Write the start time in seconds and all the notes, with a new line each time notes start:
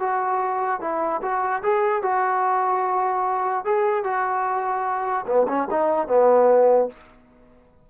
0.00 F#4
0.81 E4
1.23 F#4
1.63 G#4
2.03 F#4
3.65 G#4
4.04 F#4
5.27 B3
5.48 C#4
5.71 D#4
6.08 B3